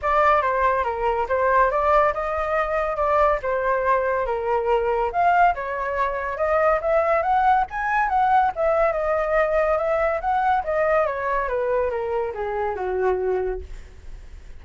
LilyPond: \new Staff \with { instrumentName = "flute" } { \time 4/4 \tempo 4 = 141 d''4 c''4 ais'4 c''4 | d''4 dis''2 d''4 | c''2 ais'2 | f''4 cis''2 dis''4 |
e''4 fis''4 gis''4 fis''4 | e''4 dis''2 e''4 | fis''4 dis''4 cis''4 b'4 | ais'4 gis'4 fis'2 | }